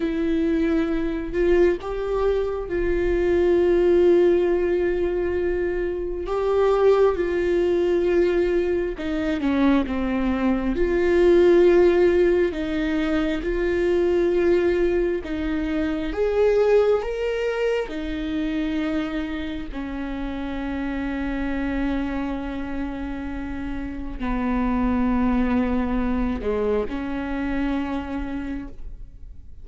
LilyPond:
\new Staff \with { instrumentName = "viola" } { \time 4/4 \tempo 4 = 67 e'4. f'8 g'4 f'4~ | f'2. g'4 | f'2 dis'8 cis'8 c'4 | f'2 dis'4 f'4~ |
f'4 dis'4 gis'4 ais'4 | dis'2 cis'2~ | cis'2. b4~ | b4. gis8 cis'2 | }